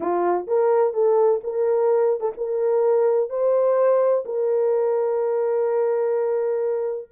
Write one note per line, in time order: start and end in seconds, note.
0.00 0.46 F4
0.47 0.93 A#4
0.93 1.40 A4
1.43 2.20 A#4
2.20 2.32 A4
2.37 3.29 A#4
3.29 4.24 C5
4.25 7.08 A#4